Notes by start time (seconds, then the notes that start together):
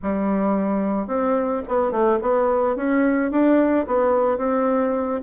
0.02 G3
1.07 C4
1.67 B3
1.91 A3
2.21 B3
2.76 C#4
3.31 D4
3.87 B3
4.37 C4